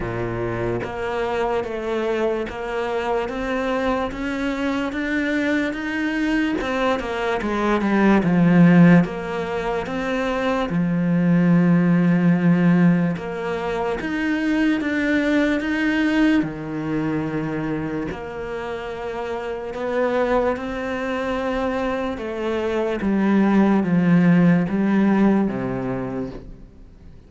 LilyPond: \new Staff \with { instrumentName = "cello" } { \time 4/4 \tempo 4 = 73 ais,4 ais4 a4 ais4 | c'4 cis'4 d'4 dis'4 | c'8 ais8 gis8 g8 f4 ais4 | c'4 f2. |
ais4 dis'4 d'4 dis'4 | dis2 ais2 | b4 c'2 a4 | g4 f4 g4 c4 | }